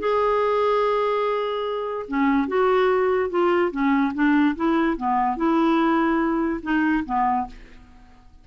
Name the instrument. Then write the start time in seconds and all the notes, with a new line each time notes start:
clarinet
0.00 G#4
2.08 C#4
2.48 F#4
3.30 F4
3.72 C#4
4.15 D4
4.56 E4
4.97 B3
5.37 E4
6.63 D#4
7.06 B3